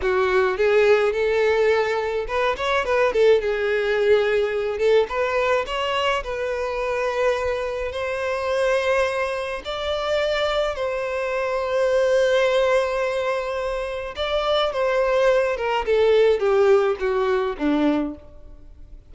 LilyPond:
\new Staff \with { instrumentName = "violin" } { \time 4/4 \tempo 4 = 106 fis'4 gis'4 a'2 | b'8 cis''8 b'8 a'8 gis'2~ | gis'8 a'8 b'4 cis''4 b'4~ | b'2 c''2~ |
c''4 d''2 c''4~ | c''1~ | c''4 d''4 c''4. ais'8 | a'4 g'4 fis'4 d'4 | }